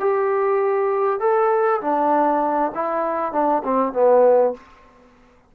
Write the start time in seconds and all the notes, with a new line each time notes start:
0.00 G4
1.20 A4
1.81 D4
2.75 E4
3.32 D4
3.64 C4
3.93 B3